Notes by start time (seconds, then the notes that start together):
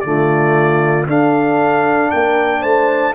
0.00 D3 A3 D5
0.06 F4
1.06 D4 A4 F5
2.10 A#3 A#4 G5
2.60 A3 C5 A5